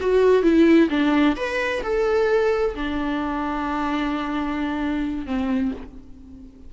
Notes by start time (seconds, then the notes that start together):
0.00 F#4
0.42 E4
0.90 D4
1.36 B4
1.83 A4
2.74 D4
5.26 C4